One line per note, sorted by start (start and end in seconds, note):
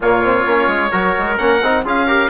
0.00 0.43 A#2
0.00 0.23 A#3
0.00 0.91 F4
0.00 1.37 C#5
0.23 0.46 C4
0.46 0.67 A#3
0.46 0.91 C#4
0.67 0.90 G#3
0.91 1.15 F#3
0.91 1.37 F#4
0.91 1.83 A#4
1.17 1.38 G#3
1.37 1.62 A#3
1.37 1.61 C#4
1.37 1.83 F#5
1.62 1.84 C4
1.62 1.85 D#4
1.84 2.29 C#4
1.84 2.07 F4
1.84 2.06 G#4
1.84 2.29 F5
2.06 2.29 G4
2.06 2.29 A#4